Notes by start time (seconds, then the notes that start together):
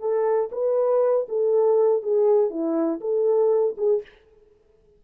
0.00 A4
0.52 B4
1.29 A4
2.03 G#4
2.50 E4
3.01 A4
3.77 G#4